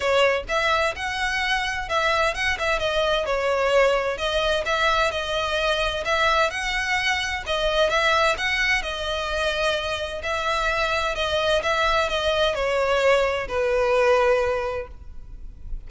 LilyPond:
\new Staff \with { instrumentName = "violin" } { \time 4/4 \tempo 4 = 129 cis''4 e''4 fis''2 | e''4 fis''8 e''8 dis''4 cis''4~ | cis''4 dis''4 e''4 dis''4~ | dis''4 e''4 fis''2 |
dis''4 e''4 fis''4 dis''4~ | dis''2 e''2 | dis''4 e''4 dis''4 cis''4~ | cis''4 b'2. | }